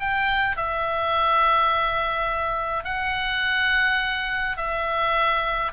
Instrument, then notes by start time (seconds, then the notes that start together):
oboe
0.00 G5
0.57 E5
2.85 F#5
4.57 E5